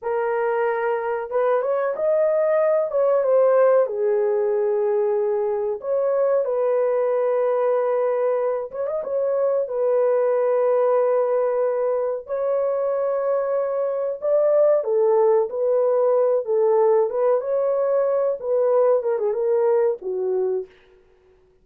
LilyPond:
\new Staff \with { instrumentName = "horn" } { \time 4/4 \tempo 4 = 93 ais'2 b'8 cis''8 dis''4~ | dis''8 cis''8 c''4 gis'2~ | gis'4 cis''4 b'2~ | b'4. cis''16 dis''16 cis''4 b'4~ |
b'2. cis''4~ | cis''2 d''4 a'4 | b'4. a'4 b'8 cis''4~ | cis''8 b'4 ais'16 gis'16 ais'4 fis'4 | }